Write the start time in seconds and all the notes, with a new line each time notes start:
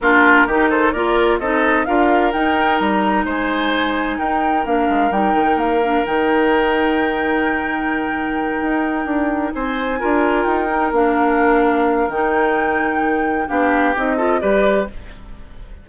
0.00 A#3 D4 F4 A#4
0.46 D#3 D#4 G4
0.69 A4 C5
0.91 A#3 F4 A#4 D5
1.39 C4 D#4 A4 D#5
1.85 D4 F4 A#4 F5
2.32 D#4 G5
2.78 G3 A#5
3.24 G#3 C5 G#5
4.18 D#4 A#4 G5
4.65 A#3 D4 F5
4.88 G#3
5.10 G3 D#4 G5
5.34 D#3
5.55 A#3 F5
5.84 D4
6.04 D#3 D#4 G5
8.61 D#4
9.05 D4
9.54 C4 C5 G#5
9.99 D4 F4 A#4
10.44 D#4 G5
10.69 D#4
10.91 A#3 D4 F5
12.08 D#3 D#4 G5
13.47 B3 D4 G4 F5
13.96 C4 D#4 D#5
14.16 F4 A4
14.40 G3 G4 B4 D5